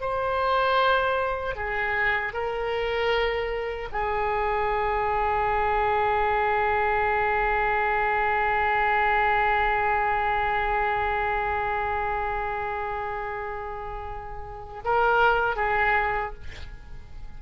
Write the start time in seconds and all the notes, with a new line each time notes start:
0.00 C5
1.55 G#4
2.33 A#4
3.92 G#4
14.84 A#4
15.56 G#4